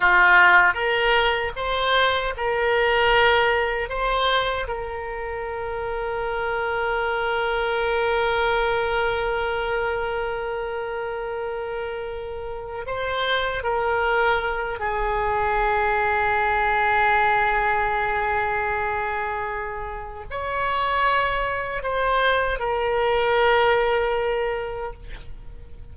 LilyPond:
\new Staff \with { instrumentName = "oboe" } { \time 4/4 \tempo 4 = 77 f'4 ais'4 c''4 ais'4~ | ais'4 c''4 ais'2~ | ais'1~ | ais'1~ |
ais'8 c''4 ais'4. gis'4~ | gis'1~ | gis'2 cis''2 | c''4 ais'2. | }